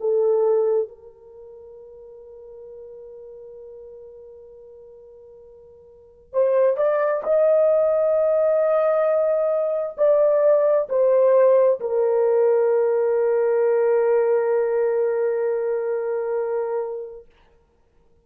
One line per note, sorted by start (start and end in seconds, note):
0.00 0.88 A4
0.88 6.33 A#4
6.33 6.77 C5
6.77 7.22 D5
7.24 9.97 D#5
9.97 10.88 D5
10.89 11.80 C5
11.80 17.26 A#4